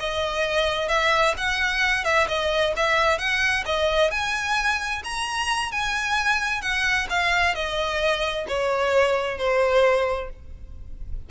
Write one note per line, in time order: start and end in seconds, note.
0.00 0.89 D#5
0.89 1.35 E5
1.38 2.05 F#5
2.05 2.28 E5
2.28 2.74 D#5
2.77 3.19 E5
3.19 3.65 F#5
3.66 4.11 D#5
4.11 5.03 G#5
5.05 5.72 A#5
5.72 6.62 G#5
6.62 7.08 F#5
7.10 7.55 F5
7.55 8.47 D#5
8.49 9.38 C#5
9.38 10.30 C5